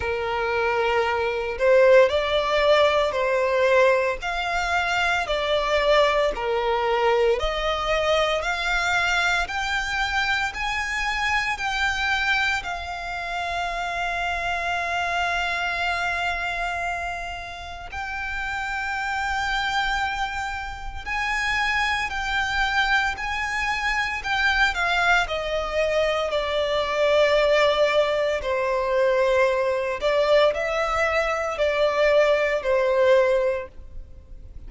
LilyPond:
\new Staff \with { instrumentName = "violin" } { \time 4/4 \tempo 4 = 57 ais'4. c''8 d''4 c''4 | f''4 d''4 ais'4 dis''4 | f''4 g''4 gis''4 g''4 | f''1~ |
f''4 g''2. | gis''4 g''4 gis''4 g''8 f''8 | dis''4 d''2 c''4~ | c''8 d''8 e''4 d''4 c''4 | }